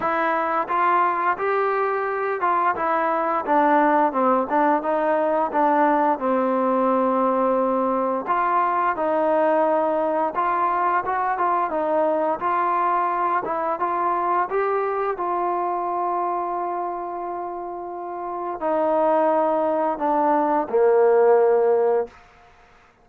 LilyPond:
\new Staff \with { instrumentName = "trombone" } { \time 4/4 \tempo 4 = 87 e'4 f'4 g'4. f'8 | e'4 d'4 c'8 d'8 dis'4 | d'4 c'2. | f'4 dis'2 f'4 |
fis'8 f'8 dis'4 f'4. e'8 | f'4 g'4 f'2~ | f'2. dis'4~ | dis'4 d'4 ais2 | }